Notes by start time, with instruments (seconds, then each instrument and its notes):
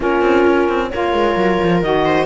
0.00 cello A#3, saxophone C#4, viola F4, clarinet A#4
0.21 cello C4
0.46 cello C#4
0.68 cello C4
0.90 cello A#3, saxophone F4, viola A#4, clarinet C#5
1.12 cello G#3
1.36 cello F#3
1.63 cello F3
1.81 cello D#3, saxophone F#4, clarinet D#5
2.04 viola C5